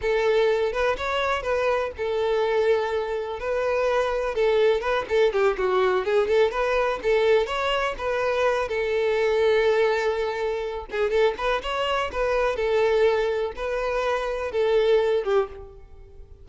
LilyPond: \new Staff \with { instrumentName = "violin" } { \time 4/4 \tempo 4 = 124 a'4. b'8 cis''4 b'4 | a'2. b'4~ | b'4 a'4 b'8 a'8 g'8 fis'8~ | fis'8 gis'8 a'8 b'4 a'4 cis''8~ |
cis''8 b'4. a'2~ | a'2~ a'8 gis'8 a'8 b'8 | cis''4 b'4 a'2 | b'2 a'4. g'8 | }